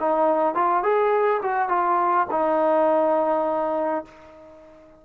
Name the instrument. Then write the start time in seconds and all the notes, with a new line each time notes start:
trombone
0.00 D#4
0.55 F4
0.83 G#4
1.43 F#4
1.69 F4
2.31 D#4